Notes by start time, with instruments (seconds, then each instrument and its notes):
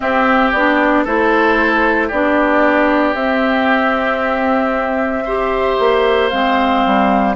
0.00 clarinet C4, bassoon C4, oboe G4, flute E5
0.52 bassoon B3, clarinet D4, flute D5
1.04 bassoon A3, clarinet E4, oboe A4, flute C5
2.07 bassoon B3, clarinet D4, oboe G4, flute D5
3.14 bassoon C4, clarinet C4, flute E5
5.25 clarinet G4, oboe C5
5.79 bassoon A#3
6.29 bassoon G#3, clarinet C4, flute F5
6.85 bassoon G3